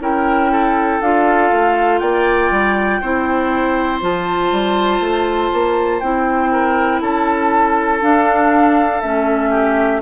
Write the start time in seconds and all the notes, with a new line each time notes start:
0.00 C#4 E4 A#4 G5
0.52 A4
1.02 D4 F4 F5
1.52 A3
1.99 A#3 D5 G5
2.51 G3
3.01 C4 E4 C5
4.01 F3 F4 A5
4.52 G3
5.00 A3
5.53 A#3
6.00 C4 E4 G5
6.52 A#4
7.02 C#4 A4 A5
8.01 D4 F5
9.01 A3 C#4 E5
9.50 G4